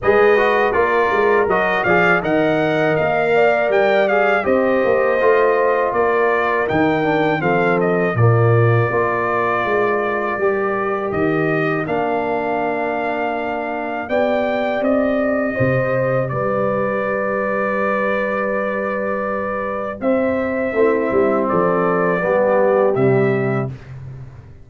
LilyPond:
<<
  \new Staff \with { instrumentName = "trumpet" } { \time 4/4 \tempo 4 = 81 dis''4 d''4 dis''8 f''8 fis''4 | f''4 g''8 f''8 dis''2 | d''4 g''4 f''8 dis''8 d''4~ | d''2. dis''4 |
f''2. g''4 | dis''2 d''2~ | d''2. e''4~ | e''4 d''2 e''4 | }
  \new Staff \with { instrumentName = "horn" } { \time 4/4 b'4 ais'4. d''8 dis''4~ | dis''8 d''4. c''2 | ais'2 a'4 f'4 | ais'1~ |
ais'2. d''4~ | d''4 c''4 b'2~ | b'2. c''4 | e'4 a'4 g'2 | }
  \new Staff \with { instrumentName = "trombone" } { \time 4/4 gis'8 fis'8 f'4 fis'8 gis'8 ais'4~ | ais'4. gis'8 g'4 f'4~ | f'4 dis'8 d'8 c'4 ais4 | f'2 g'2 |
d'2. g'4~ | g'1~ | g'1 | c'2 b4 g4 | }
  \new Staff \with { instrumentName = "tuba" } { \time 4/4 gis4 ais8 gis8 fis8 f8 dis4 | ais4 g4 c'8 ais8 a4 | ais4 dis4 f4 ais,4 | ais4 gis4 g4 dis4 |
ais2. b4 | c'4 c4 g2~ | g2. c'4 | a8 g8 f4 g4 c4 | }
>>